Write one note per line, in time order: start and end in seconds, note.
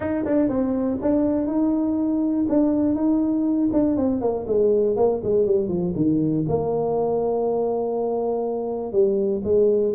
0.00 0.25 D#4
0.25 0.48 D4
0.48 0.98 C4
1.01 1.46 D4
1.46 2.45 D#4
2.48 2.95 D4
2.95 3.69 D#4
3.72 3.96 D4
3.96 4.21 C4
4.21 4.46 A#3
4.47 4.96 G#3
4.96 5.21 A#3
5.23 5.45 G#3
5.45 5.68 G3
5.68 5.93 F3
5.95 6.45 D#3
6.48 8.92 A#3
8.92 9.42 G3
9.44 9.93 G#3